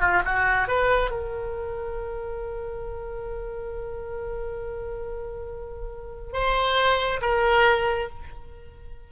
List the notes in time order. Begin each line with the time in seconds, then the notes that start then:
0.00 F4
0.25 F#4
0.67 B4
1.10 A#4
6.33 C5
7.21 A#4